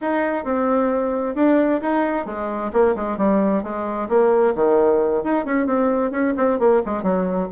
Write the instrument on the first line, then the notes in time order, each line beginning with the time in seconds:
bassoon
0.01 D#4
0.44 C4
1.35 D4
1.81 D#4
2.25 G#3
2.72 A#3
2.95 G#3
3.17 G3
3.63 G#3
4.08 A#3
4.55 D#3
5.23 D#4
5.45 C#4
5.66 C4
6.11 C#4
6.37 C4
6.59 A#3
6.85 G#3
7.02 F#3